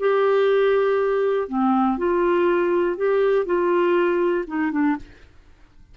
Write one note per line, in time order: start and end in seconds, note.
0.00 1.49 G4
1.49 1.98 C4
1.98 2.97 F4
2.97 3.46 G4
3.46 4.45 F4
4.48 4.72 D#4
4.72 4.97 D4